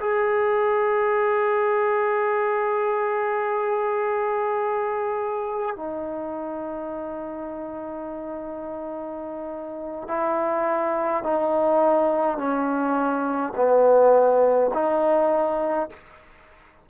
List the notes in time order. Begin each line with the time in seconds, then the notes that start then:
0.00 G#4
5.76 D#4
10.08 E4
11.24 D#4
12.38 C#4
13.56 B3
14.74 D#4